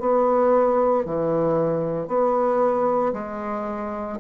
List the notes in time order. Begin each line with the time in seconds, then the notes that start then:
0.00 B3
1.05 E3
2.08 B3
3.13 G#3